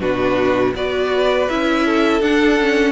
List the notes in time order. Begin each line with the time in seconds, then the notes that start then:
0.00 B2 D4 F#4 B4
0.75 B3 F#4 B4 D5
1.49 C#4 E4 E5
1.85 A4
2.20 D4 F#5
2.59 C#4